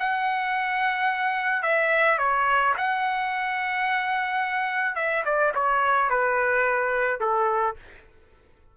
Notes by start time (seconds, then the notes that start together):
0.00 F#5
1.63 E5
2.19 C#5
2.78 F#5
4.96 E5
5.26 D5
5.55 C#5
6.10 B4
7.21 A4